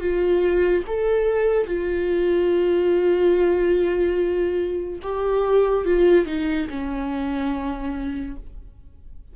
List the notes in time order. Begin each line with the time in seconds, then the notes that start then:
0.00 F4
0.87 A4
1.66 F4
5.02 G4
5.85 F4
6.25 D#4
6.69 C#4